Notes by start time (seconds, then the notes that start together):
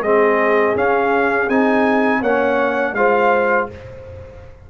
0.00 G#3 C4 G#4 D#5
0.75 C#4 F5
1.48 C4 D#4 G#5
2.21 A#3 C#4 C#5 F#5
2.92 G#3 F4 C5 F5